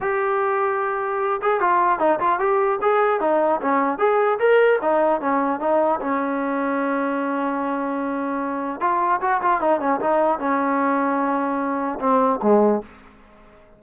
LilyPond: \new Staff \with { instrumentName = "trombone" } { \time 4/4 \tempo 4 = 150 g'2.~ g'8 gis'8 | f'4 dis'8 f'8 g'4 gis'4 | dis'4 cis'4 gis'4 ais'4 | dis'4 cis'4 dis'4 cis'4~ |
cis'1~ | cis'2 f'4 fis'8 f'8 | dis'8 cis'8 dis'4 cis'2~ | cis'2 c'4 gis4 | }